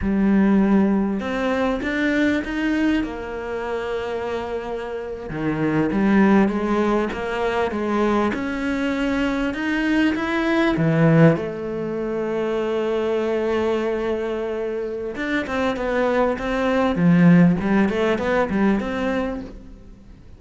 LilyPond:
\new Staff \with { instrumentName = "cello" } { \time 4/4 \tempo 4 = 99 g2 c'4 d'4 | dis'4 ais2.~ | ais8. dis4 g4 gis4 ais16~ | ais8. gis4 cis'2 dis'16~ |
dis'8. e'4 e4 a4~ a16~ | a1~ | a4 d'8 c'8 b4 c'4 | f4 g8 a8 b8 g8 c'4 | }